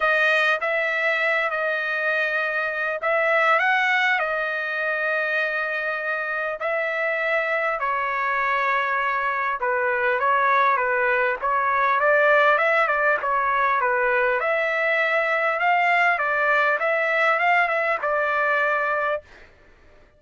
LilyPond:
\new Staff \with { instrumentName = "trumpet" } { \time 4/4 \tempo 4 = 100 dis''4 e''4. dis''4.~ | dis''4 e''4 fis''4 dis''4~ | dis''2. e''4~ | e''4 cis''2. |
b'4 cis''4 b'4 cis''4 | d''4 e''8 d''8 cis''4 b'4 | e''2 f''4 d''4 | e''4 f''8 e''8 d''2 | }